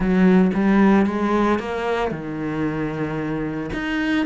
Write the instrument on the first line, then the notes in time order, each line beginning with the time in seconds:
cello
0.00 F#3
0.54 G3
1.06 G#3
1.59 A#3
2.11 D#3
3.73 D#4